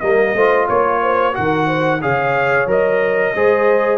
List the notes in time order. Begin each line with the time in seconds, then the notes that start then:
0.00 G3 A#3 A#4 D#5
0.34 A3 F4 C5
0.66 A#3 C#5
1.02 C5
1.33 D#3 F#4 A#4 F#5
1.66 C5
2.02 C#3 G#4 C#5 F5
2.66 F#3 A#4 D#5
3.34 G#3 G#4 C5